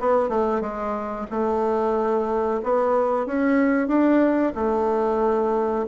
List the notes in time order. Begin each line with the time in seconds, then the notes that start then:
0.00 B3
0.29 A3
0.61 G#3
1.31 A3
2.63 B3
3.26 C#4
3.88 D4
4.55 A3